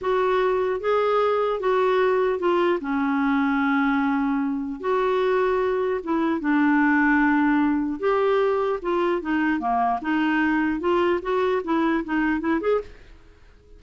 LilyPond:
\new Staff \with { instrumentName = "clarinet" } { \time 4/4 \tempo 4 = 150 fis'2 gis'2 | fis'2 f'4 cis'4~ | cis'1 | fis'2. e'4 |
d'1 | g'2 f'4 dis'4 | ais4 dis'2 f'4 | fis'4 e'4 dis'4 e'8 gis'8 | }